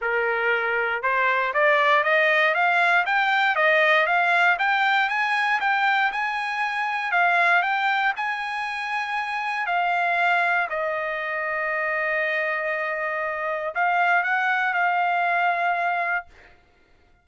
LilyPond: \new Staff \with { instrumentName = "trumpet" } { \time 4/4 \tempo 4 = 118 ais'2 c''4 d''4 | dis''4 f''4 g''4 dis''4 | f''4 g''4 gis''4 g''4 | gis''2 f''4 g''4 |
gis''2. f''4~ | f''4 dis''2.~ | dis''2. f''4 | fis''4 f''2. | }